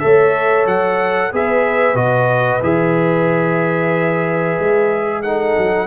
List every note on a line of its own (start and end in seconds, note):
0.00 0.66 A3
0.00 1.32 A4
0.00 1.32 C#5
0.00 0.65 E5
0.66 1.31 F#3
0.66 1.33 F#5
1.32 1.95 B3
1.32 1.96 G#4
1.32 5.23 B4
1.32 1.97 E5
1.95 2.60 B2
1.95 2.61 F#4
1.95 2.62 D#5
2.63 4.59 E3
2.63 5.24 G#4
2.63 5.23 E5
4.60 5.57 G#3
5.23 5.88 D#4
5.23 5.88 A4
5.23 5.88 F#5
5.58 5.88 F#3